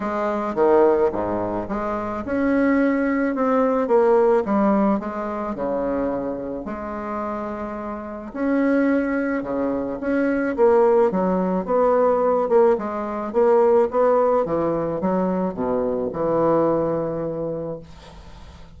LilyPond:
\new Staff \with { instrumentName = "bassoon" } { \time 4/4 \tempo 4 = 108 gis4 dis4 gis,4 gis4 | cis'2 c'4 ais4 | g4 gis4 cis2 | gis2. cis'4~ |
cis'4 cis4 cis'4 ais4 | fis4 b4. ais8 gis4 | ais4 b4 e4 fis4 | b,4 e2. | }